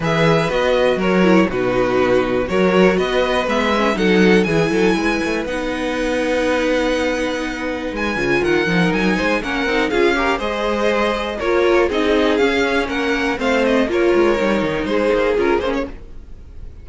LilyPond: <<
  \new Staff \with { instrumentName = "violin" } { \time 4/4 \tempo 4 = 121 e''4 dis''4 cis''4 b'4~ | b'4 cis''4 dis''4 e''4 | fis''4 gis''2 fis''4~ | fis''1 |
gis''4 fis''4 gis''4 fis''4 | f''4 dis''2 cis''4 | dis''4 f''4 fis''4 f''8 dis''8 | cis''2 c''4 ais'8 c''16 cis''16 | }
  \new Staff \with { instrumentName = "violin" } { \time 4/4 b'2 ais'4 fis'4~ | fis'4 ais'4 b'2 | a'4 gis'8 a'8 b'2~ | b'1~ |
b'4 ais'4. c''8 ais'4 | gis'8 ais'8 c''2 ais'4 | gis'2 ais'4 c''4 | ais'2 gis'2 | }
  \new Staff \with { instrumentName = "viola" } { \time 4/4 gis'4 fis'4. e'8 dis'4~ | dis'4 fis'2 b8 cis'8 | dis'4 e'2 dis'4~ | dis'1~ |
dis'8 f'4 dis'4. cis'8 dis'8 | f'8 g'8 gis'2 f'4 | dis'4 cis'2 c'4 | f'4 dis'2 f'8 cis'8 | }
  \new Staff \with { instrumentName = "cello" } { \time 4/4 e4 b4 fis4 b,4~ | b,4 fis4 b4 gis4 | fis4 e8 fis8 gis8 a8 b4~ | b1 |
gis8 cis8 dis8 f8 fis8 gis8 ais8 c'8 | cis'4 gis2 ais4 | c'4 cis'4 ais4 a4 | ais8 gis8 g8 dis8 gis8 ais8 cis'8 ais8 | }
>>